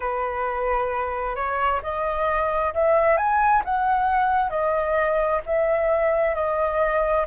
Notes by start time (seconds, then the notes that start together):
0.00 B4
1.35 C#5
1.82 D#5
2.74 E5
3.17 G#5
3.64 F#5
4.50 D#5
5.45 E5
6.34 D#5